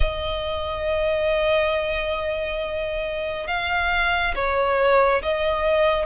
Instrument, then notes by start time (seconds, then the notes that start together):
violin
0.00 D#5
3.47 F5
4.35 C#5
5.22 D#5